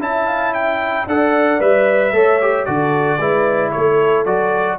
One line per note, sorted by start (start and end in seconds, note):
0.00 1.06 C#4
0.00 1.07 E4
0.00 0.27 E5
0.00 0.54 A5
0.27 0.53 F5
0.54 1.08 E5
0.54 1.07 G5
1.07 1.60 D4
1.07 1.60 A4
1.07 2.14 D5
1.07 1.61 F#5
1.60 2.12 G3
1.60 2.13 B4
1.60 2.65 E5
2.12 2.65 A3
2.12 2.40 A4
2.12 2.67 C#5
2.42 2.66 G4
2.65 3.20 D3
2.65 3.19 F#4
2.65 3.18 A4
2.65 3.71 D5
3.18 3.73 G#3
3.18 4.26 E4
3.18 3.71 B4
3.71 4.26 A3
3.71 4.78 A4
3.71 4.25 C#5
4.26 4.79 F#3
4.26 4.79 F#4
4.26 4.79 D5